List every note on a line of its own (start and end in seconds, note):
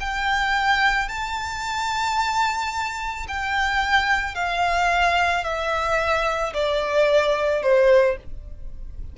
0.00 1.08 G5
1.08 3.27 A5
3.28 4.35 G5
4.35 5.44 F5
5.44 6.53 E5
6.54 7.63 D5
7.63 8.17 C5